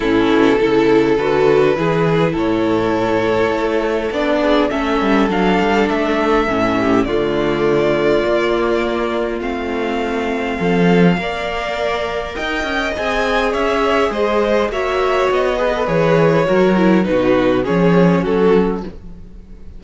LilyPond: <<
  \new Staff \with { instrumentName = "violin" } { \time 4/4 \tempo 4 = 102 a'2 b'2 | cis''2. d''4 | e''4 f''4 e''2 | d''1 |
f''1~ | f''4 g''4 gis''4 e''4 | dis''4 e''4 dis''4 cis''4~ | cis''4 b'4 cis''4 a'4 | }
  \new Staff \with { instrumentName = "violin" } { \time 4/4 e'4 a'2 gis'4 | a'2.~ a'8 gis'8 | a'2.~ a'8 g'8 | f'1~ |
f'2 a'4 d''4~ | d''4 dis''2 cis''4 | c''4 cis''4. b'4. | ais'4 fis'4 gis'4 fis'4 | }
  \new Staff \with { instrumentName = "viola" } { \time 4/4 cis'4 e'4 fis'4 e'4~ | e'2. d'4 | cis'4 d'2 cis'4 | a2 ais2 |
c'2. ais'4~ | ais'2 gis'2~ | gis'4 fis'4. gis'16 a'16 gis'4 | fis'8 e'8 dis'4 cis'2 | }
  \new Staff \with { instrumentName = "cello" } { \time 4/4 a,8 b,8 cis4 d4 e4 | a,2 a4 b4 | a8 g8 fis8 g8 a4 a,4 | d2 ais2 |
a2 f4 ais4~ | ais4 dis'8 cis'8 c'4 cis'4 | gis4 ais4 b4 e4 | fis4 b,4 f4 fis4 | }
>>